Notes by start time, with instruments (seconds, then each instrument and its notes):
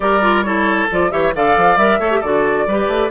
0.00 bassoon G3, clarinet G4, oboe A#4, flute D5
0.21 clarinet F4
0.43 clarinet E4, oboe A4, flute C#5
0.90 bassoon F3, clarinet F4, flute D5
1.10 bassoon E3, clarinet G4, oboe C#5, flute E5
1.34 bassoon D3, clarinet A4, oboe D5, flute F5
1.56 bassoon F3
1.77 bassoon G3, clarinet A#4, flute E5
1.99 bassoon A3, clarinet A4, oboe C#5
2.11 clarinet G4
2.19 bassoon D3, clarinet F#4, oboe A4, flute D5
2.66 bassoon G3, clarinet G4, oboe B4
2.87 bassoon A3